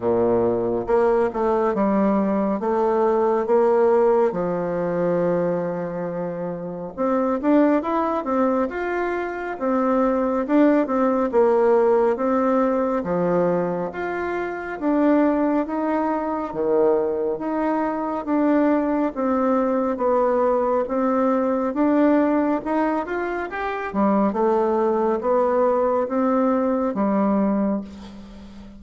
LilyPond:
\new Staff \with { instrumentName = "bassoon" } { \time 4/4 \tempo 4 = 69 ais,4 ais8 a8 g4 a4 | ais4 f2. | c'8 d'8 e'8 c'8 f'4 c'4 | d'8 c'8 ais4 c'4 f4 |
f'4 d'4 dis'4 dis4 | dis'4 d'4 c'4 b4 | c'4 d'4 dis'8 f'8 g'8 g8 | a4 b4 c'4 g4 | }